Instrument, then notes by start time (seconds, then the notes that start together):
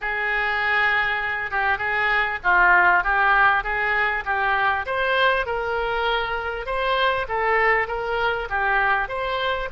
oboe
0.01 G#4
1.50 G4
1.78 G#4
2.43 F4
3.03 G4
3.63 G#4
4.25 G4
4.85 C5
5.45 A#4
6.66 C5
7.28 A4
7.87 A#4
8.49 G4
9.08 C5